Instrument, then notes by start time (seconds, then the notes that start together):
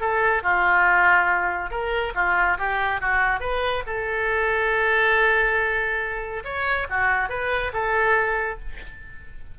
oboe
0.00 A4
0.43 F4
1.70 A#4
2.15 F4
2.58 G4
3.00 F#4
3.40 B4
3.86 A4
6.44 C#5
6.89 F#4
7.29 B4
7.73 A4